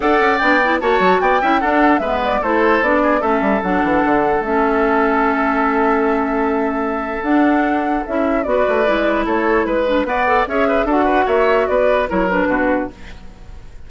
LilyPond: <<
  \new Staff \with { instrumentName = "flute" } { \time 4/4 \tempo 4 = 149 fis''4 g''4 a''4 g''4 | fis''4 e''8 d''8 c''4 d''4 | e''4 fis''2 e''4~ | e''1~ |
e''2 fis''2 | e''4 d''2 cis''4 | b'4 fis''4 e''4 fis''4 | e''4 d''4 cis''8 b'4. | }
  \new Staff \with { instrumentName = "oboe" } { \time 4/4 d''2 cis''4 d''8 e''8 | a'4 b'4 a'4. gis'8 | a'1~ | a'1~ |
a'1~ | a'4 b'2 a'4 | b'4 d''4 cis''8 b'8 a'8 b'8 | cis''4 b'4 ais'4 fis'4 | }
  \new Staff \with { instrumentName = "clarinet" } { \time 4/4 a'4 d'8 e'8 fis'4. e'8 | d'4 b4 e'4 d'4 | cis'4 d'2 cis'4~ | cis'1~ |
cis'2 d'2 | e'4 fis'4 e'2~ | e'8 d'8 b'8 a'8 gis'4 fis'4~ | fis'2 e'8 d'4. | }
  \new Staff \with { instrumentName = "bassoon" } { \time 4/4 d'8 cis'8 b4 ais8 fis8 b8 cis'8 | d'4 gis4 a4 b4 | a8 g8 fis8 e8 d4 a4~ | a1~ |
a2 d'2 | cis'4 b8 a8 gis4 a4 | gis4 b4 cis'4 d'4 | ais4 b4 fis4 b,4 | }
>>